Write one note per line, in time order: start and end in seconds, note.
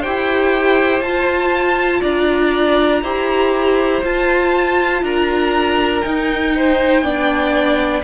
0.00 1.04 G4
0.00 2.00 C5
0.00 1.02 G5
0.06 1.01 E4
1.01 2.01 F4
1.01 3.04 F4
1.01 2.02 A5
2.01 3.03 D4
2.01 3.01 D5
2.01 4.04 A#5
3.03 4.03 E4
3.03 4.04 G4
3.03 5.03 C5
4.04 5.03 F4
4.04 6.05 F4
4.04 5.05 A5
5.03 6.03 D4
5.03 6.55 A#4
5.03 6.02 A#5
6.02 7.04 D#4
6.02 7.02 D#4
6.02 8.02 G5
6.56 7.04 C5
7.02 8.02 B3
7.02 8.04 D4
7.02 8.04 D5